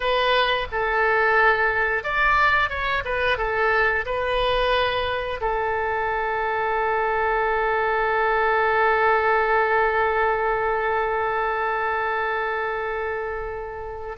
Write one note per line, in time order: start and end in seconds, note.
0.00 0.67 B4
0.71 2.03 A4
2.03 2.69 D5
2.69 3.03 C#5
3.04 3.37 B4
3.37 4.05 A4
4.05 5.40 B4
5.41 14.17 A4